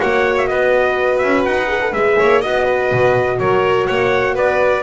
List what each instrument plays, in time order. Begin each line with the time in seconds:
0.00 double bass A#3, horn F#4, violin C#5, trumpet F#5
0.38 trumpet E5
0.47 double bass B3, violin B4, trumpet D#5
1.18 double bass C#4, trumpet E5
1.45 double bass D#4, trumpet F#5
1.67 horn G#4
1.81 horn A4
1.92 double bass G#3, horn G#4, trumpet E5
2.18 double bass A#3, violin C#5
2.42 double bass B3, horn F#4, violin D#5, trumpet D#5
2.64 violin B4
2.92 double bass B2
3.39 double bass F#3, violin A#4, trumpet C#5
3.87 double bass A#3, violin C#5, trumpet F#5
4.35 double bass B3, violin B4, trumpet D5